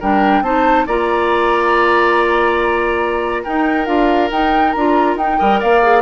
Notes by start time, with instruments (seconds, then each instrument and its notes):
0.00 bassoon G3, clarinet D4, oboe A#4, flute G5
0.42 bassoon C4, clarinet D#4, oboe C5, flute A5
0.87 bassoon A#3, clarinet F4, oboe D5, flute A#5
3.44 clarinet D#4, bassoon D#4, oboe A#4, flute G5
3.86 bassoon D4, clarinet F4, flute F5
4.31 bassoon D#4, clarinet D#4, flute G5
4.72 bassoon D4, clarinet F4, flute A#5
5.16 bassoon D#4, clarinet D#4, flute G5
5.39 bassoon G3, clarinet A#4, oboe D#5
5.60 bassoon A#3, oboe D5, flute F5
5.83 clarinet G#4